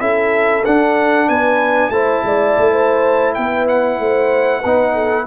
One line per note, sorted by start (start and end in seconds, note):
0.00 0.65 C#4
0.00 0.64 E4
0.00 1.28 A4
0.00 0.64 E5
0.65 1.29 D4
0.65 1.92 D4
0.65 1.29 F#5
1.28 1.90 B3
1.28 1.92 B4
1.28 1.90 G#5
1.90 2.22 A3
1.90 4.64 E4
1.90 2.25 C5
1.90 3.34 A5
2.24 2.56 G#3
2.24 2.71 D5
2.58 3.37 A3
2.71 3.35 C5
3.35 3.99 B3
3.35 4.00 B4
3.35 3.66 G5
3.68 5.27 F#5
3.99 4.63 A3
3.99 4.61 C5
4.61 5.27 B3
4.61 5.27 D#4
4.61 4.92 B4
4.94 5.26 A4